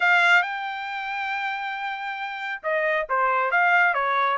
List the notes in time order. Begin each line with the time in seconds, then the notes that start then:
0.00 F5
0.42 G5
2.63 D#5
3.09 C5
3.51 F5
3.94 C#5